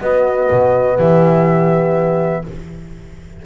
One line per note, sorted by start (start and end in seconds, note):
0.00 2.44 B3
0.00 0.50 B3
0.00 0.96 F#4
0.00 0.98 D#5
0.51 0.98 B2
0.96 2.45 E3
0.96 2.42 G4
0.96 2.46 E5